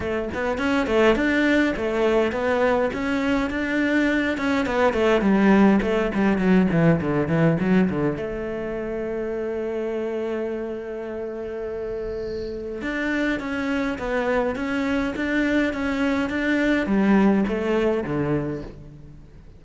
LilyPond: \new Staff \with { instrumentName = "cello" } { \time 4/4 \tempo 4 = 103 a8 b8 cis'8 a8 d'4 a4 | b4 cis'4 d'4. cis'8 | b8 a8 g4 a8 g8 fis8 e8 | d8 e8 fis8 d8 a2~ |
a1~ | a2 d'4 cis'4 | b4 cis'4 d'4 cis'4 | d'4 g4 a4 d4 | }